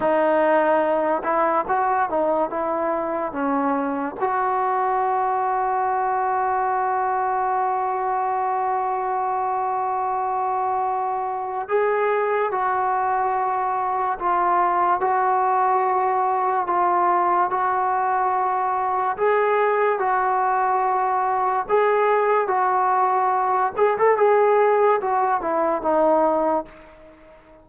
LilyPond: \new Staff \with { instrumentName = "trombone" } { \time 4/4 \tempo 4 = 72 dis'4. e'8 fis'8 dis'8 e'4 | cis'4 fis'2.~ | fis'1~ | fis'2 gis'4 fis'4~ |
fis'4 f'4 fis'2 | f'4 fis'2 gis'4 | fis'2 gis'4 fis'4~ | fis'8 gis'16 a'16 gis'4 fis'8 e'8 dis'4 | }